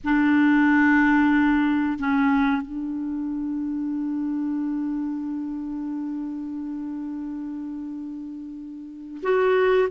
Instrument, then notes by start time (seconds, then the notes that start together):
clarinet
0.03 D4
1.98 C#4
2.62 D4
9.22 F#4